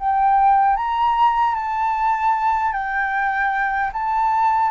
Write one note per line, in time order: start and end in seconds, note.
0.00 0.76 G5
0.76 1.55 A#5
1.55 2.73 A5
2.73 3.92 G5
3.93 4.72 A5